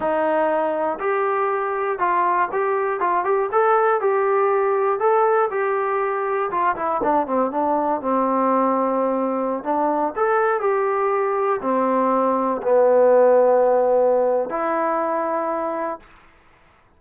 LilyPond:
\new Staff \with { instrumentName = "trombone" } { \time 4/4 \tempo 4 = 120 dis'2 g'2 | f'4 g'4 f'8 g'8 a'4 | g'2 a'4 g'4~ | g'4 f'8 e'8 d'8 c'8 d'4 |
c'2.~ c'16 d'8.~ | d'16 a'4 g'2 c'8.~ | c'4~ c'16 b2~ b8.~ | b4 e'2. | }